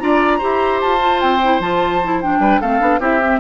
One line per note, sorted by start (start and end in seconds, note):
0.00 0.42 D4
0.00 0.40 F4
0.00 0.38 D5
0.00 0.80 A#5
0.38 0.84 E4
0.38 0.99 G4
0.38 2.38 C5
0.81 1.22 F4
0.81 1.21 A5
0.99 1.39 F4
1.21 1.59 C4
1.21 1.61 G5
1.44 1.61 E4
1.59 2.39 F3
1.59 2.01 F4
1.59 2.21 A5
2.04 2.23 E4
2.22 2.62 D4
2.22 2.61 G5
2.39 2.59 G3
2.39 2.61 B4
2.61 2.81 A3
2.61 2.80 C4
2.61 3.00 A4
2.61 3.01 F5
2.80 2.99 B3
2.80 3.00 D4
2.99 3.39 C4
2.99 3.20 E4
2.99 3.40 G4
2.99 3.40 E5
3.23 3.40 C4